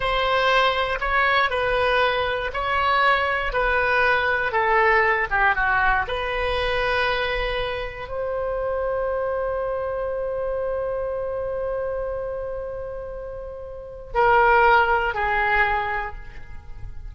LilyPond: \new Staff \with { instrumentName = "oboe" } { \time 4/4 \tempo 4 = 119 c''2 cis''4 b'4~ | b'4 cis''2 b'4~ | b'4 a'4. g'8 fis'4 | b'1 |
c''1~ | c''1~ | c''1 | ais'2 gis'2 | }